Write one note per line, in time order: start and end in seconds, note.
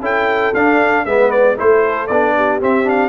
0.00 0.52 C#4
0.00 0.53 E4
0.00 1.04 A4
0.00 0.54 G5
0.54 1.05 D4
0.54 1.07 D4
0.54 1.05 F5
1.04 1.56 G#3
1.04 1.57 B3
1.04 1.56 B4
1.04 1.31 E5
1.31 1.57 D5
1.57 2.09 A3
1.57 2.08 E4
1.57 2.35 A4
1.57 2.07 C5
2.07 2.61 B3
2.07 2.60 D4
2.07 2.59 D5
2.36 3.09 G4
2.60 2.84 C4
2.60 3.09 C4
2.60 2.89 E5
2.84 3.09 D4
2.84 3.09 F5